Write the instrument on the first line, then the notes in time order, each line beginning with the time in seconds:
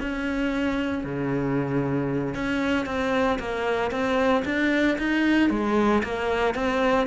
cello
0.00 C#4
1.04 C#3
2.34 C#4
2.86 C4
3.39 A#3
3.91 C4
4.44 D4
4.98 D#4
5.50 G#3
6.03 A#3
6.54 C4